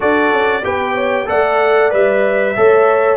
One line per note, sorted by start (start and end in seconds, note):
0.00 0.32 D4
0.00 0.62 F#4
0.00 0.63 A4
0.00 0.64 D5
0.32 0.64 C#4
0.62 1.28 B3
0.62 1.26 G4
0.62 0.94 B4
0.62 1.28 G5
0.94 1.26 C#5
1.26 1.93 A3
1.26 1.90 A4
1.26 2.56 D5
1.26 1.92 F#5
1.90 2.57 G3
1.90 2.54 B4
1.90 3.16 E5
2.56 3.16 A3
2.56 3.16 A4
2.56 3.16 C#5